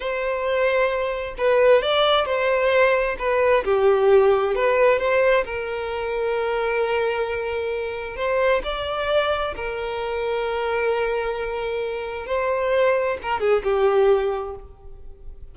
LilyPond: \new Staff \with { instrumentName = "violin" } { \time 4/4 \tempo 4 = 132 c''2. b'4 | d''4 c''2 b'4 | g'2 b'4 c''4 | ais'1~ |
ais'2 c''4 d''4~ | d''4 ais'2.~ | ais'2. c''4~ | c''4 ais'8 gis'8 g'2 | }